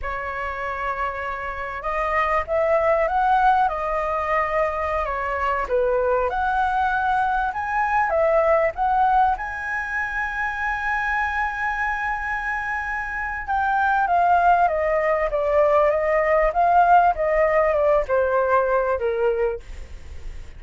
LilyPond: \new Staff \with { instrumentName = "flute" } { \time 4/4 \tempo 4 = 98 cis''2. dis''4 | e''4 fis''4 dis''2~ | dis''16 cis''4 b'4 fis''4.~ fis''16~ | fis''16 gis''4 e''4 fis''4 gis''8.~ |
gis''1~ | gis''2 g''4 f''4 | dis''4 d''4 dis''4 f''4 | dis''4 d''8 c''4. ais'4 | }